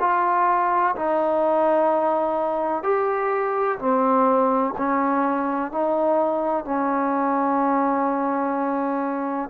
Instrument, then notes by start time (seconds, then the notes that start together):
trombone
0.00 F4
0.96 D#4
2.83 G4
3.79 C4
4.78 C#4
5.71 D#4
6.65 C#4